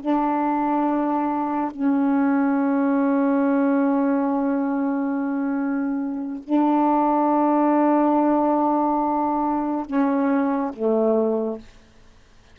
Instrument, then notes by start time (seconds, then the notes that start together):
saxophone
0.00 D4
1.71 C#4
6.43 D4
9.86 C#4
10.73 A3